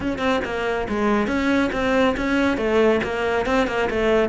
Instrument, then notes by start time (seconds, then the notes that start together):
cello
0.00 C#4
0.18 C4
0.44 A#3
0.88 G#3
1.27 C#4
1.72 C4
2.16 C#4
2.57 A3
3.03 A#3
3.46 C4
3.67 A#3
3.90 A3